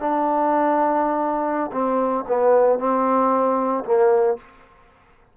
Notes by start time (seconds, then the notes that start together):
0.00 D4
1.72 C4
2.28 B3
2.79 C4
3.85 A#3